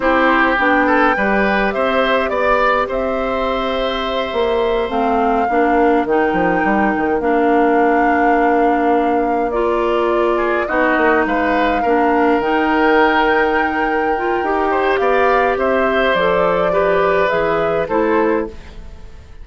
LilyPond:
<<
  \new Staff \with { instrumentName = "flute" } { \time 4/4 \tempo 4 = 104 c''4 g''2 e''4 | d''4 e''2.~ | e''8 f''2 g''4.~ | g''8 f''2.~ f''8~ |
f''8 d''2 dis''4 f''8~ | f''4. g''2~ g''8~ | g''2 f''4 e''4 | d''2 e''4 c''4 | }
  \new Staff \with { instrumentName = "oboe" } { \time 4/4 g'4. a'8 b'4 c''4 | d''4 c''2.~ | c''4. ais'2~ ais'8~ | ais'1~ |
ais'2 gis'8 fis'4 b'8~ | b'8 ais'2.~ ais'8~ | ais'4. c''8 d''4 c''4~ | c''4 b'2 a'4 | }
  \new Staff \with { instrumentName = "clarinet" } { \time 4/4 e'4 d'4 g'2~ | g'1~ | g'8 c'4 d'4 dis'4.~ | dis'8 d'2.~ d'8~ |
d'8 f'2 dis'4.~ | dis'8 d'4 dis'2~ dis'8~ | dis'8 f'8 g'2. | a'4 g'4 gis'4 e'4 | }
  \new Staff \with { instrumentName = "bassoon" } { \time 4/4 c'4 b4 g4 c'4 | b4 c'2~ c'8 ais8~ | ais8 a4 ais4 dis8 f8 g8 | dis8 ais2.~ ais8~ |
ais2~ ais8 b8 ais8 gis8~ | gis8 ais4 dis2~ dis8~ | dis4 dis'4 b4 c'4 | f2 e4 a4 | }
>>